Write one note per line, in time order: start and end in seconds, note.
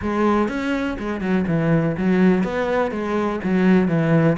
0.02 0.48 G#3
0.48 0.97 C#4
0.99 1.20 G#3
1.20 1.45 F#3
1.47 1.96 E3
1.97 2.43 F#3
2.43 2.91 B3
2.91 3.39 G#3
3.43 3.88 F#3
3.88 4.37 E3